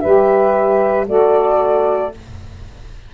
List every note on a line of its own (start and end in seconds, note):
0.00 1.08 G3
0.00 1.06 G4
0.00 1.07 B4
0.00 1.05 E5
1.06 2.13 A3
1.06 2.12 F#4
1.06 2.14 A4
1.06 2.14 D5